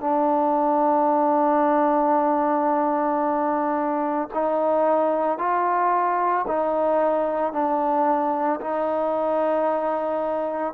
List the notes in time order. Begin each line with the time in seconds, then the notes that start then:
0.00 D4
4.33 D#4
5.38 F4
6.47 D#4
7.52 D4
8.60 D#4